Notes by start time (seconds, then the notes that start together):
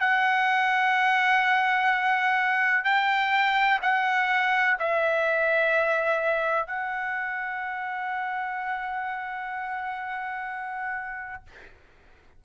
0.00 F#5
2.84 G5
3.82 F#5
4.79 E5
6.67 F#5